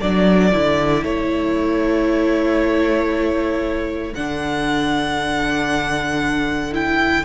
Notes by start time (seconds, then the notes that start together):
0.00 F#3 D4 A4 D5
0.53 D3 E4
1.04 A3 C#5
4.15 D3 D4 F#5
6.73 E4 G5